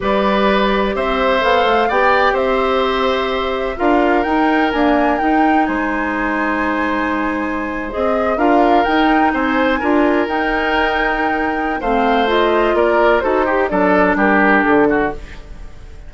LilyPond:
<<
  \new Staff \with { instrumentName = "flute" } { \time 4/4 \tempo 4 = 127 d''2 e''4 f''4 | g''4 e''2. | f''4 g''4 gis''4 g''4 | gis''1~ |
gis''8. dis''4 f''4 g''4 gis''16~ | gis''4.~ gis''16 g''2~ g''16~ | g''4 f''4 dis''4 d''4 | c''4 d''4 ais'4 a'4 | }
  \new Staff \with { instrumentName = "oboe" } { \time 4/4 b'2 c''2 | d''4 c''2. | ais'1 | c''1~ |
c''4.~ c''16 ais'2 c''16~ | c''8. ais'2.~ ais'16~ | ais'4 c''2 ais'4 | a'8 g'8 a'4 g'4. fis'8 | }
  \new Staff \with { instrumentName = "clarinet" } { \time 4/4 g'2. a'4 | g'1 | f'4 dis'4 ais4 dis'4~ | dis'1~ |
dis'8. gis'4 f'4 dis'4~ dis'16~ | dis'8. f'4 dis'2~ dis'16~ | dis'4 c'4 f'2 | fis'8 g'8 d'2. | }
  \new Staff \with { instrumentName = "bassoon" } { \time 4/4 g2 c'4 b8 a8 | b4 c'2. | d'4 dis'4 d'4 dis'4 | gis1~ |
gis8. c'4 d'4 dis'4 c'16~ | c'8. d'4 dis'2~ dis'16~ | dis'4 a2 ais4 | dis'4 fis4 g4 d4 | }
>>